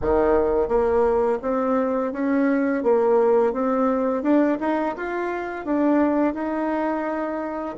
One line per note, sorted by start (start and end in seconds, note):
0.01 0.68 D#3
0.68 1.38 A#3
1.41 2.12 C4
2.12 2.83 C#4
2.83 3.52 A#3
3.52 4.22 C4
4.22 4.58 D4
4.59 4.95 D#4
4.96 5.65 F4
5.65 6.33 D4
6.33 7.75 D#4